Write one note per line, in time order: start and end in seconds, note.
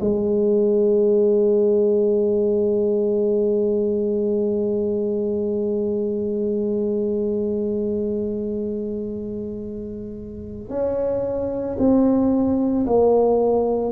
0.00 10.69 G#3
10.69 11.76 C#4
11.78 12.85 C4
12.86 13.92 A#3